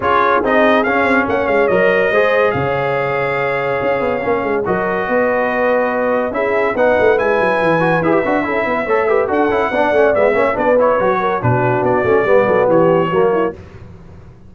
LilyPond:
<<
  \new Staff \with { instrumentName = "trumpet" } { \time 4/4 \tempo 4 = 142 cis''4 dis''4 f''4 fis''8 f''8 | dis''2 f''2~ | f''2. dis''4~ | dis''2. e''4 |
fis''4 gis''2 e''4~ | e''2 fis''2 | e''4 d''8 cis''4. b'4 | d''2 cis''2 | }
  \new Staff \with { instrumentName = "horn" } { \time 4/4 gis'2. cis''4~ | cis''4 c''4 cis''2~ | cis''2. ais'4 | b'2. gis'4 |
b'1 | a'8 b'8 cis''8 b'8 a'4 d''4~ | d''8 cis''8 b'4. ais'8 fis'4~ | fis'4 b'8 a'8 g'4 fis'8 e'8 | }
  \new Staff \with { instrumentName = "trombone" } { \time 4/4 f'4 dis'4 cis'2 | ais'4 gis'2.~ | gis'2 cis'4 fis'4~ | fis'2. e'4 |
dis'4 e'4. fis'8 gis'16 g'16 fis'8 | e'4 a'8 g'8 fis'8 e'8 d'8 cis'8 | b8 cis'8 d'8 e'8 fis'4 d'4~ | d'8 cis'8 b2 ais4 | }
  \new Staff \with { instrumentName = "tuba" } { \time 4/4 cis'4 c'4 cis'8 c'8 ais8 gis8 | fis4 gis4 cis2~ | cis4 cis'8 b8 ais8 gis8 fis4 | b2. cis'4 |
b8 a8 gis8 fis8 e4 e'8 d'8 | cis'8 b8 a4 d'8 cis'8 b8 a8 | gis8 ais8 b4 fis4 b,4 | b8 a8 g8 fis8 e4 fis4 | }
>>